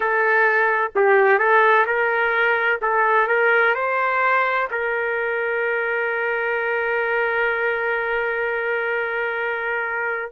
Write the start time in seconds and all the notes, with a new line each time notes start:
0.00 A4
0.95 G4
1.38 A4
1.86 A#4
2.81 A4
3.27 A#4
3.74 C5
4.70 A#4